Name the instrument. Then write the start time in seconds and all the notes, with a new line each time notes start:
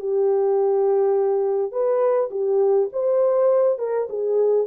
horn
0.00 G4
1.72 B4
2.31 G4
2.93 C5
3.79 A#4
4.09 G#4